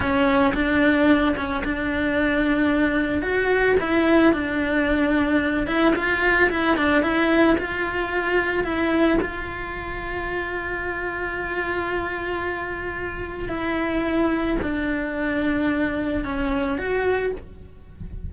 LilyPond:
\new Staff \with { instrumentName = "cello" } { \time 4/4 \tempo 4 = 111 cis'4 d'4. cis'8 d'4~ | d'2 fis'4 e'4 | d'2~ d'8 e'8 f'4 | e'8 d'8 e'4 f'2 |
e'4 f'2.~ | f'1~ | f'4 e'2 d'4~ | d'2 cis'4 fis'4 | }